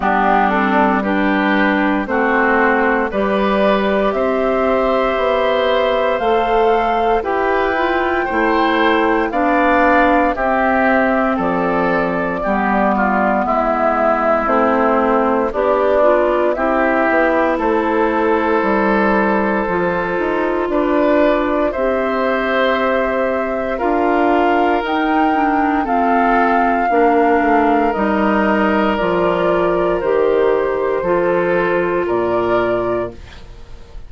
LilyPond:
<<
  \new Staff \with { instrumentName = "flute" } { \time 4/4 \tempo 4 = 58 g'8 a'8 b'4 c''4 d''4 | e''2 f''4 g''4~ | g''4 f''4 e''4 d''4~ | d''4 e''4 c''4 d''4 |
e''4 c''2. | d''4 e''2 f''4 | g''4 f''2 dis''4 | d''4 c''2 d''4 | }
  \new Staff \with { instrumentName = "oboe" } { \time 4/4 d'4 g'4 fis'4 b'4 | c''2. b'4 | c''4 d''4 g'4 a'4 | g'8 f'8 e'2 d'4 |
g'4 a'2. | b'4 c''2 ais'4~ | ais'4 a'4 ais'2~ | ais'2 a'4 ais'4 | }
  \new Staff \with { instrumentName = "clarinet" } { \time 4/4 b8 c'8 d'4 c'4 g'4~ | g'2 a'4 g'8 f'8 | e'4 d'4 c'2 | b2 c'4 g'8 f'8 |
e'2. f'4~ | f'4 g'2 f'4 | dis'8 d'8 c'4 d'4 dis'4 | f'4 g'4 f'2 | }
  \new Staff \with { instrumentName = "bassoon" } { \time 4/4 g2 a4 g4 | c'4 b4 a4 e'4 | a4 b4 c'4 f4 | g4 gis4 a4 b4 |
c'8 b8 a4 g4 f8 dis'8 | d'4 c'2 d'4 | dis'4 f'4 ais8 a8 g4 | f4 dis4 f4 ais,4 | }
>>